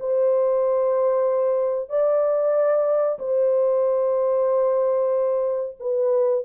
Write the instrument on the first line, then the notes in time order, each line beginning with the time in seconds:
horn
0.00 C5
1.90 D5
3.19 C5
5.80 B4